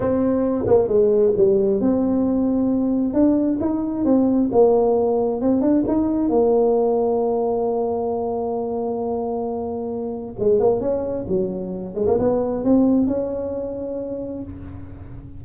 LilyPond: \new Staff \with { instrumentName = "tuba" } { \time 4/4 \tempo 4 = 133 c'4. ais8 gis4 g4 | c'2. d'4 | dis'4 c'4 ais2 | c'8 d'8 dis'4 ais2~ |
ais1~ | ais2. gis8 ais8 | cis'4 fis4. gis16 ais16 b4 | c'4 cis'2. | }